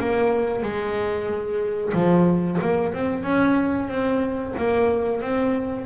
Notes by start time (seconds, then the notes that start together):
0.00 A#3
0.63 G#3
1.94 F3
2.61 A#3
2.94 C4
3.23 C#4
3.88 C4
4.57 A#3
5.22 C4